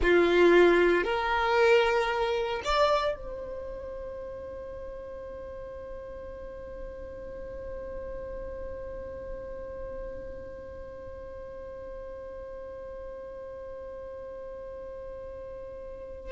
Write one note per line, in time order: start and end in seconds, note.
0.02 1.03 F4
1.03 2.61 A#4
2.64 3.16 D5
3.16 16.32 C5